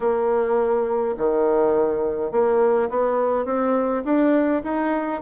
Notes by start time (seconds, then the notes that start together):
0.00 A#3
1.17 D#3
2.31 A#3
2.89 B3
3.45 C4
4.04 D4
4.63 D#4